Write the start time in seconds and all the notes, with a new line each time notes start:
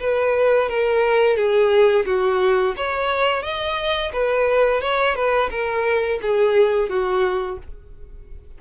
0.00 B4
0.69 A#4
1.37 G#4
2.06 F#4
2.77 C#5
3.43 D#5
4.13 B4
4.81 C#5
5.15 B4
5.50 A#4
6.22 G#4
6.89 F#4